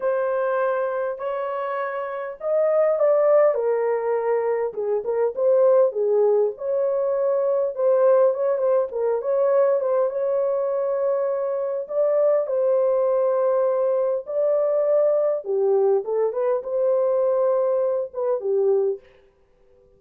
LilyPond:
\new Staff \with { instrumentName = "horn" } { \time 4/4 \tempo 4 = 101 c''2 cis''2 | dis''4 d''4 ais'2 | gis'8 ais'8 c''4 gis'4 cis''4~ | cis''4 c''4 cis''8 c''8 ais'8 cis''8~ |
cis''8 c''8 cis''2. | d''4 c''2. | d''2 g'4 a'8 b'8 | c''2~ c''8 b'8 g'4 | }